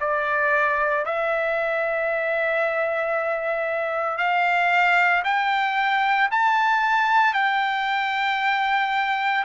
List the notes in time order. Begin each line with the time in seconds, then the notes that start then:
0.00 D5
1.05 E5
4.18 F5
5.24 G5
6.31 A5
7.33 G5